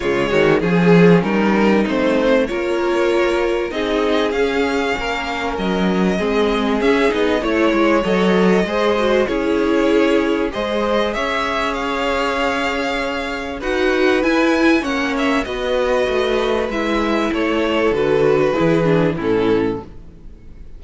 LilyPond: <<
  \new Staff \with { instrumentName = "violin" } { \time 4/4 \tempo 4 = 97 cis''4 gis'4 ais'4 c''4 | cis''2 dis''4 f''4~ | f''4 dis''2 e''8 dis''8 | cis''4 dis''2 cis''4~ |
cis''4 dis''4 e''4 f''4~ | f''2 fis''4 gis''4 | fis''8 e''8 dis''2 e''4 | cis''4 b'2 a'4 | }
  \new Staff \with { instrumentName = "violin" } { \time 4/4 f'8 fis'8 gis'4 dis'2 | ais'2 gis'2 | ais'2 gis'2 | cis''2 c''4 gis'4~ |
gis'4 c''4 cis''2~ | cis''2 b'2 | cis''4 b'2. | a'2 gis'4 e'4 | }
  \new Staff \with { instrumentName = "viola" } { \time 4/4 gis4 cis'2 c'4 | f'2 dis'4 cis'4~ | cis'2 c'4 cis'8 dis'8 | e'4 a'4 gis'8 fis'8 e'4~ |
e'4 gis'2.~ | gis'2 fis'4 e'4 | cis'4 fis'2 e'4~ | e'4 fis'4 e'8 d'8 cis'4 | }
  \new Staff \with { instrumentName = "cello" } { \time 4/4 cis8 dis8 f4 g4 a4 | ais2 c'4 cis'4 | ais4 fis4 gis4 cis'8 b8 | a8 gis8 fis4 gis4 cis'4~ |
cis'4 gis4 cis'2~ | cis'2 dis'4 e'4 | ais4 b4 a4 gis4 | a4 d4 e4 a,4 | }
>>